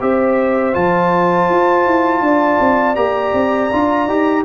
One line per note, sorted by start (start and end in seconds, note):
0.00 0.75 C4
0.00 0.73 G4
0.00 2.24 C5
0.00 0.74 E5
0.73 1.49 F3
0.73 2.95 F4
0.73 2.95 A5
1.49 1.86 F4
1.86 2.20 E4
2.20 2.57 D4
2.20 4.44 D5
2.60 2.96 C4
2.95 3.33 A#3
2.95 3.69 G4
2.95 4.43 A#5
3.33 3.70 C4
3.72 4.06 D4
3.72 4.08 F4
4.06 4.43 D#4
4.06 4.44 G4